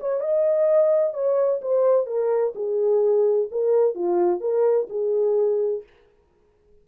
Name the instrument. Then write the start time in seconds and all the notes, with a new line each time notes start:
horn
0.00 C#5
0.20 D#5
1.14 C#5
1.62 C5
2.07 A#4
2.55 G#4
3.51 A#4
3.95 F4
4.41 A#4
4.90 G#4